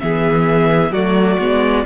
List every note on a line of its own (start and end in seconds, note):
0.00 0.90 E3
0.00 0.93 B3
0.00 0.92 G#4
0.00 0.92 E5
0.90 1.36 F#3
0.90 1.39 A3
0.90 1.84 F#4
0.90 1.85 D5
1.38 1.85 G#3
1.38 1.86 B3